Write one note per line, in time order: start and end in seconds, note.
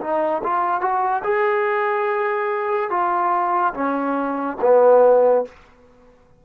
0.00 0.42 D#4
0.43 0.81 F4
0.81 1.22 F#4
1.23 2.90 G#4
2.90 3.73 F4
3.73 4.56 C#4
4.61 5.44 B3